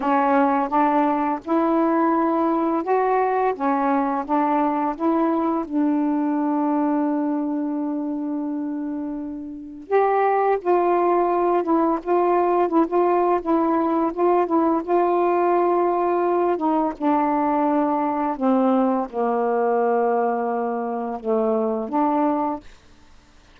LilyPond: \new Staff \with { instrumentName = "saxophone" } { \time 4/4 \tempo 4 = 85 cis'4 d'4 e'2 | fis'4 cis'4 d'4 e'4 | d'1~ | d'2 g'4 f'4~ |
f'8 e'8 f'4 e'16 f'8. e'4 | f'8 e'8 f'2~ f'8 dis'8 | d'2 c'4 ais4~ | ais2 a4 d'4 | }